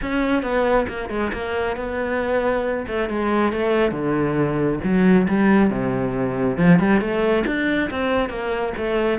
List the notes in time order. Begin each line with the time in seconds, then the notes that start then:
0.02 C#4
0.42 B3
0.88 A#3
1.09 G#3
1.32 A#3
1.76 B3
2.87 A3
3.09 G#3
3.52 A3
3.91 D3
4.83 F#3
5.28 G3
5.70 C3
6.57 F3
6.79 G3
7.00 A3
7.46 D4
7.90 C4
8.29 A#3
8.77 A3